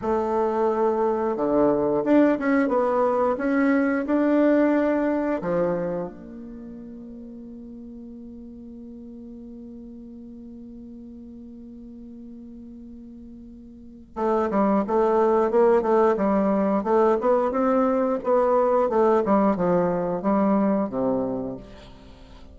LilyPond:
\new Staff \with { instrumentName = "bassoon" } { \time 4/4 \tempo 4 = 89 a2 d4 d'8 cis'8 | b4 cis'4 d'2 | f4 ais2.~ | ais1~ |
ais1~ | ais4 a8 g8 a4 ais8 a8 | g4 a8 b8 c'4 b4 | a8 g8 f4 g4 c4 | }